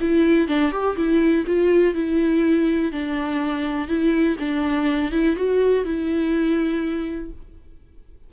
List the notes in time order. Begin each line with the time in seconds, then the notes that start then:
0.00 E4
0.48 D4
0.71 G4
0.96 E4
1.46 F4
1.94 E4
2.92 D4
3.88 E4
4.39 D4
5.12 E4
5.35 F#4
5.84 E4